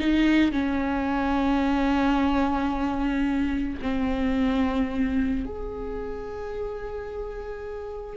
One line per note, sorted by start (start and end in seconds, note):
0.00 0.52 D#4
0.52 3.80 C#4
3.82 5.46 C4
5.46 8.17 G#4